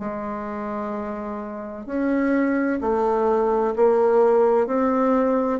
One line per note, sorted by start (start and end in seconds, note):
0.00 1.86 G#3
1.86 2.80 C#4
2.81 3.75 A3
3.76 4.67 A#3
4.67 5.60 C4